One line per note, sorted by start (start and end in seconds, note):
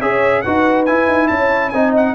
0.00 0.44 C#4
0.00 0.45 G#4
0.00 0.43 C#5
0.00 0.42 E5
0.42 0.90 D#4
0.42 0.87 F#4
0.42 1.29 B4
0.42 0.85 F#5
0.86 1.73 E4
0.86 1.08 E4
0.86 1.28 G#5
1.08 1.29 D#4
1.28 1.73 C#4
1.28 1.75 C#5
1.28 1.70 A5
1.70 2.15 C4
1.70 2.15 D#4
1.70 2.15 D#5
1.70 1.91 G#5
1.97 2.15 F#5